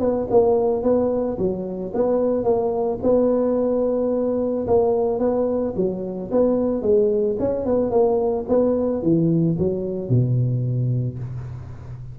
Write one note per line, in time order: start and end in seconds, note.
0.00 0.27 B3
0.31 0.83 A#3
0.83 1.38 B3
1.38 1.93 F#3
1.94 2.44 B3
2.44 2.99 A#3
3.03 4.67 B3
4.67 5.20 A#3
5.20 5.74 B3
5.76 6.31 F#3
6.31 6.82 B3
6.82 7.37 G#3
7.39 7.65 C#4
7.65 7.91 B3
7.91 8.45 A#3
8.49 9.02 B3
9.02 9.57 E3
9.59 10.10 F#3
10.10 11.19 B2